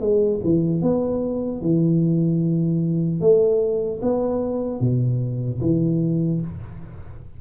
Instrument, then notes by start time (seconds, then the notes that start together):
tuba
0.00 G#3
0.44 E3
0.81 B3
1.61 E3
3.20 A3
4.01 B3
4.80 B2
5.61 E3